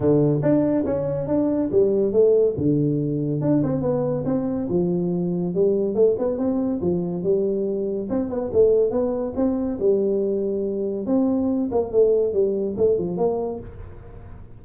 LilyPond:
\new Staff \with { instrumentName = "tuba" } { \time 4/4 \tempo 4 = 141 d4 d'4 cis'4 d'4 | g4 a4 d2 | d'8 c'8 b4 c'4 f4~ | f4 g4 a8 b8 c'4 |
f4 g2 c'8 b8 | a4 b4 c'4 g4~ | g2 c'4. ais8 | a4 g4 a8 f8 ais4 | }